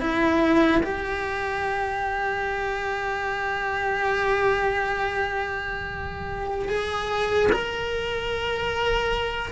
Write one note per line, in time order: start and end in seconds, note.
0.00 0.81 E4
0.83 6.69 G4
6.69 7.50 G#4
7.52 9.52 A#4